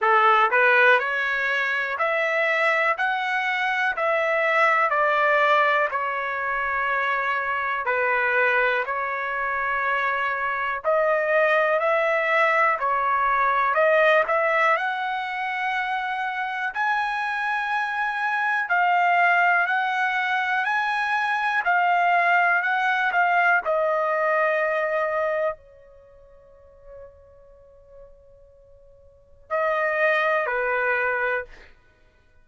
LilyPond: \new Staff \with { instrumentName = "trumpet" } { \time 4/4 \tempo 4 = 61 a'8 b'8 cis''4 e''4 fis''4 | e''4 d''4 cis''2 | b'4 cis''2 dis''4 | e''4 cis''4 dis''8 e''8 fis''4~ |
fis''4 gis''2 f''4 | fis''4 gis''4 f''4 fis''8 f''8 | dis''2 cis''2~ | cis''2 dis''4 b'4 | }